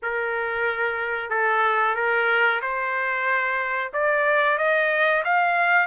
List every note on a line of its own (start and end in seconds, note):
0.02 1.30 A#4
1.30 1.95 A4
1.95 2.60 A#4
2.61 3.91 C5
3.93 4.58 D5
4.58 5.23 D#5
5.24 5.86 F5